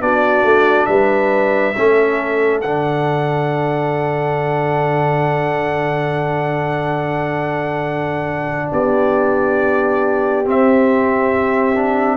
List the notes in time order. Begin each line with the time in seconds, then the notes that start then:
0.00 B3 D4 F#4 D5
0.43 A3
0.86 G3 B4 E5
1.76 A3 C#4 A4
2.61 D3 D4 F#5
8.71 B3 G4 D5
10.45 C4 E5
11.75 D4